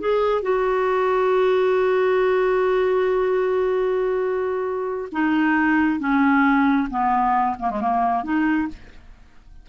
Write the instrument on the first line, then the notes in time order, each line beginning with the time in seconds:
clarinet
0.00 G#4
0.42 F#4
5.12 D#4
5.99 C#4
6.90 B3
7.59 A#3
7.71 G#3
7.81 A#3
8.23 D#4